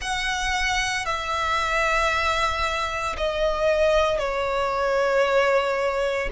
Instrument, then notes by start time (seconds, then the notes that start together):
violin
0.01 F#5
1.05 E5
3.17 D#5
4.18 C#5